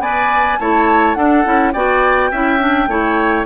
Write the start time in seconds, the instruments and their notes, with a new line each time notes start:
0.00 bassoon B3, clarinet B4, oboe D5, flute G#5
0.59 bassoon A3, clarinet E4, oboe C#5, flute A5
1.15 bassoon D4, clarinet D4, oboe A4, flute F#5
1.45 bassoon C#4, clarinet E4
1.73 bassoon B3, clarinet F#4, oboe D5, flute G5
2.31 bassoon C#4, clarinet E4, oboe E5
2.59 clarinet D4
2.88 bassoon A3, clarinet E4, oboe C#5